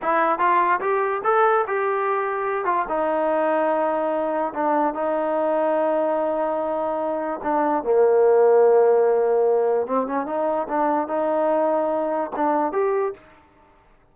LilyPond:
\new Staff \with { instrumentName = "trombone" } { \time 4/4 \tempo 4 = 146 e'4 f'4 g'4 a'4 | g'2~ g'8 f'8 dis'4~ | dis'2. d'4 | dis'1~ |
dis'2 d'4 ais4~ | ais1 | c'8 cis'8 dis'4 d'4 dis'4~ | dis'2 d'4 g'4 | }